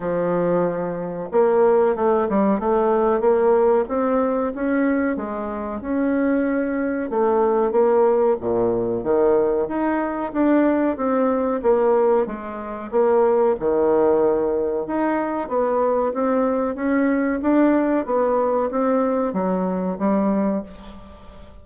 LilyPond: \new Staff \with { instrumentName = "bassoon" } { \time 4/4 \tempo 4 = 93 f2 ais4 a8 g8 | a4 ais4 c'4 cis'4 | gis4 cis'2 a4 | ais4 ais,4 dis4 dis'4 |
d'4 c'4 ais4 gis4 | ais4 dis2 dis'4 | b4 c'4 cis'4 d'4 | b4 c'4 fis4 g4 | }